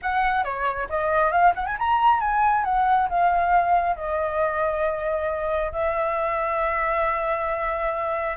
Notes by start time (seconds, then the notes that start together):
0.01 F#5
0.44 C#5
0.89 D#5
1.31 F5
1.55 F#5
1.66 G#5
1.78 A#5
2.20 G#5
2.64 F#5
3.09 F5
3.96 D#5
5.72 E5